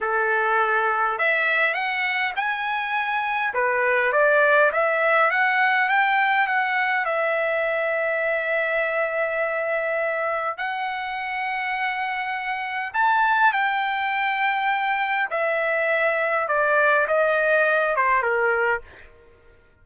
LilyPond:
\new Staff \with { instrumentName = "trumpet" } { \time 4/4 \tempo 4 = 102 a'2 e''4 fis''4 | gis''2 b'4 d''4 | e''4 fis''4 g''4 fis''4 | e''1~ |
e''2 fis''2~ | fis''2 a''4 g''4~ | g''2 e''2 | d''4 dis''4. c''8 ais'4 | }